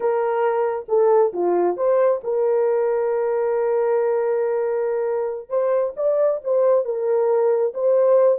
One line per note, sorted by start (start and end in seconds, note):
0.00 0.85 A#4
0.88 1.32 A4
1.33 1.76 F4
1.76 2.20 C5
2.23 5.49 A#4
5.49 5.93 C5
5.96 6.40 D5
6.44 6.85 C5
6.85 7.73 A#4
7.74 8.38 C5